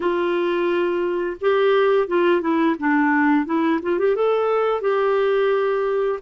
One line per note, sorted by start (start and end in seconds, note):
0.00 1.36 F4
1.40 2.07 G4
2.07 2.41 F4
2.41 2.75 E4
2.79 3.45 D4
3.45 3.80 E4
3.82 3.98 F4
3.98 4.15 G4
4.15 4.81 A4
4.81 6.19 G4